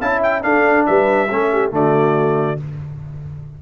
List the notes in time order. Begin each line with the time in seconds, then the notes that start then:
0.00 C#4 E4 F5 A5
0.12 E5
0.23 G5
0.42 D4 A4 F5
0.86 G3 B4 E5
1.30 A3 C#4 A4
1.52 G4
1.71 D3 A3 F#4 D5